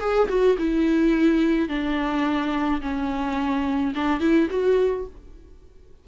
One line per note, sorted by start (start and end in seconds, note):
0.00 0.28 G#4
0.28 0.56 F#4
0.58 1.68 E4
1.68 2.81 D4
2.81 3.93 C#4
3.95 4.20 D4
4.20 4.48 E4
4.50 5.06 F#4